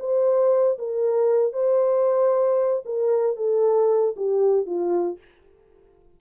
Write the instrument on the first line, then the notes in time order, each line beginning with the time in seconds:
horn
0.00 C5
0.79 A#4
1.53 C5
2.86 A#4
3.37 A4
4.17 G4
4.66 F4